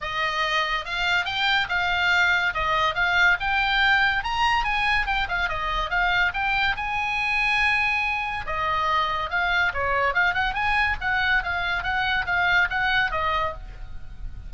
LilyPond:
\new Staff \with { instrumentName = "oboe" } { \time 4/4 \tempo 4 = 142 dis''2 f''4 g''4 | f''2 dis''4 f''4 | g''2 ais''4 gis''4 | g''8 f''8 dis''4 f''4 g''4 |
gis''1 | dis''2 f''4 cis''4 | f''8 fis''8 gis''4 fis''4 f''4 | fis''4 f''4 fis''4 dis''4 | }